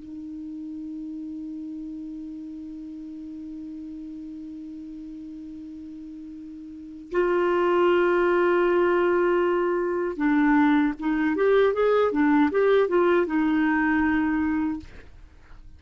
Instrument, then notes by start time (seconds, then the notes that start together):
clarinet
0.00 D#4
7.12 F4
10.17 D4
11.00 D#4
11.36 G4
11.74 G#4
12.12 D4
12.51 G4
12.89 F4
13.27 D#4